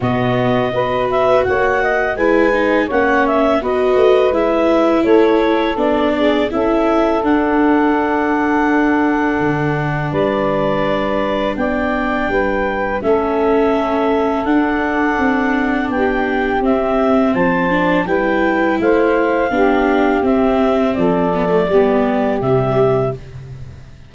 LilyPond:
<<
  \new Staff \with { instrumentName = "clarinet" } { \time 4/4 \tempo 4 = 83 dis''4. e''8 fis''4 gis''4 | fis''8 e''8 dis''4 e''4 cis''4 | d''4 e''4 fis''2~ | fis''2 d''2 |
g''2 e''2 | fis''2 g''4 e''4 | a''4 g''4 f''2 | e''4 d''2 e''4 | }
  \new Staff \with { instrumentName = "saxophone" } { \time 4/4 fis'4 b'4 cis''8 dis''8 b'4 | cis''4 b'2 a'4~ | a'8 gis'8 a'2.~ | a'2 b'2 |
d''4 b'4 a'2~ | a'2 g'2 | c''4 b'4 c''4 g'4~ | g'4 a'4 g'2 | }
  \new Staff \with { instrumentName = "viola" } { \time 4/4 b4 fis'2 e'8 dis'8 | cis'4 fis'4 e'2 | d'4 e'4 d'2~ | d'1~ |
d'2 cis'2 | d'2. c'4~ | c'8 d'8 e'2 d'4 | c'4. b16 a16 b4 g4 | }
  \new Staff \with { instrumentName = "tuba" } { \time 4/4 b,4 b4 ais4 gis4 | ais4 b8 a8 gis4 a4 | b4 cis'4 d'2~ | d'4 d4 g2 |
b4 g4 a2 | d'4 c'4 b4 c'4 | f4 g4 a4 b4 | c'4 f4 g4 c4 | }
>>